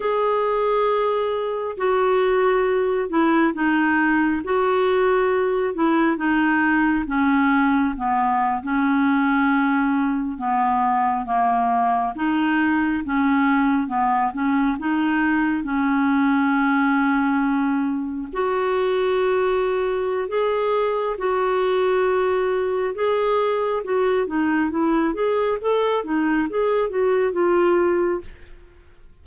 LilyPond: \new Staff \with { instrumentName = "clarinet" } { \time 4/4 \tempo 4 = 68 gis'2 fis'4. e'8 | dis'4 fis'4. e'8 dis'4 | cis'4 b8. cis'2 b16~ | b8. ais4 dis'4 cis'4 b16~ |
b16 cis'8 dis'4 cis'2~ cis'16~ | cis'8. fis'2~ fis'16 gis'4 | fis'2 gis'4 fis'8 dis'8 | e'8 gis'8 a'8 dis'8 gis'8 fis'8 f'4 | }